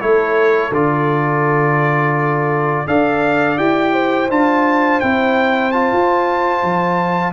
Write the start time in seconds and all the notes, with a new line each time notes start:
0.00 A3 E4 A4 C#5
0.71 D3 F4 D5
2.86 D4 A4 D5 F5
3.57 E4 G4 G5
3.93 C5
4.29 D4 F4 A5
5.00 C4 E4 G5
5.71 F4 A5
5.92 F4
6.63 F3